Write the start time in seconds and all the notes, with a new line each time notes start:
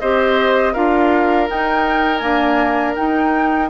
0.00 C4 G4 C5 D#5
0.73 D4 F4 A#4 F5
1.48 D#4 G5
2.18 A#3 D4 G#5
2.96 D#4 G5